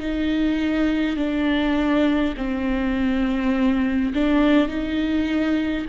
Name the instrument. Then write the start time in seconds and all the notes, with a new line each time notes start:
viola
0.00 D#4
1.17 D4
2.37 C4
4.14 D4
4.68 D#4